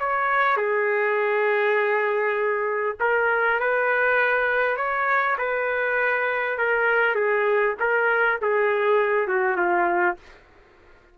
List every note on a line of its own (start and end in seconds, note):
0.00 0.57 C#5
0.57 2.97 G#4
3.01 3.61 A#4
3.61 4.77 B4
4.77 5.37 C#5
5.39 6.59 B4
6.59 7.16 A#4
7.16 7.76 G#4
7.80 8.40 A#4
8.42 9.28 G#4
9.28 9.57 F#4
9.57 10.17 F4